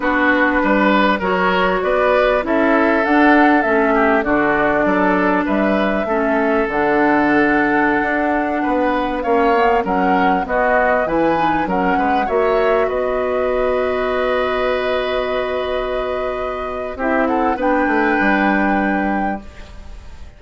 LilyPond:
<<
  \new Staff \with { instrumentName = "flute" } { \time 4/4 \tempo 4 = 99 b'2 cis''4 d''4 | e''4 fis''4 e''4 d''4~ | d''4 e''2 fis''4~ | fis''2.~ fis''16 f''8.~ |
f''16 fis''4 dis''4 gis''4 fis''8.~ | fis''16 e''4 dis''2~ dis''8.~ | dis''1 | e''8 fis''8 g''2. | }
  \new Staff \with { instrumentName = "oboe" } { \time 4/4 fis'4 b'4 ais'4 b'4 | a'2~ a'8 g'8 fis'4 | a'4 b'4 a'2~ | a'2~ a'16 b'4 cis''8.~ |
cis''16 ais'4 fis'4 b'4 ais'8 b'16~ | b'16 cis''4 b'2~ b'8.~ | b'1 | g'8 a'8 b'2. | }
  \new Staff \with { instrumentName = "clarinet" } { \time 4/4 d'2 fis'2 | e'4 d'4 cis'4 d'4~ | d'2 cis'4 d'4~ | d'2.~ d'16 cis'8 b16~ |
b16 cis'4 b4 e'8 dis'8 cis'8.~ | cis'16 fis'2.~ fis'8.~ | fis'1 | e'4 d'2. | }
  \new Staff \with { instrumentName = "bassoon" } { \time 4/4 b4 g4 fis4 b4 | cis'4 d'4 a4 d4 | fis4 g4 a4 d4~ | d4~ d16 d'4 b4 ais8.~ |
ais16 fis4 b4 e4 fis8 gis16~ | gis16 ais4 b2~ b8.~ | b1 | c'4 b8 a8 g2 | }
>>